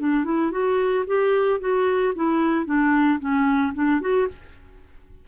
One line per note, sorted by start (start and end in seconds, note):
0.00 0.25 D4
0.25 0.52 E4
0.52 1.05 F#4
1.07 1.60 G4
1.60 2.14 F#4
2.16 2.66 E4
2.66 3.20 D4
3.20 3.74 C#4
3.75 4.01 D4
4.01 4.28 F#4